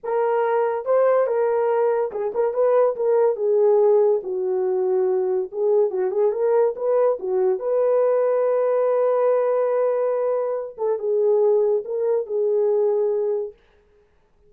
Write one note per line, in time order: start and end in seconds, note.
0.03 0.85 A#4
0.85 1.26 C5
1.26 2.11 A#4
2.11 2.32 G#4
2.34 2.53 A#4
2.53 2.95 B4
2.96 3.36 A#4
3.36 4.20 G#4
4.23 5.50 F#4
5.51 5.90 G#4
5.90 6.11 F#4
6.11 6.32 G#4
6.32 6.74 A#4
6.76 7.18 B4
7.19 7.59 F#4
7.59 10.76 B4
10.77 10.98 A4
10.98 11.83 G#4
11.84 12.26 A#4
12.26 13.53 G#4